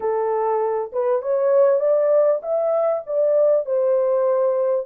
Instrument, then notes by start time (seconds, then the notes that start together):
horn
0.00 A4
0.92 B4
1.21 C#5
1.80 D5
2.42 E5
3.06 D5
3.65 C5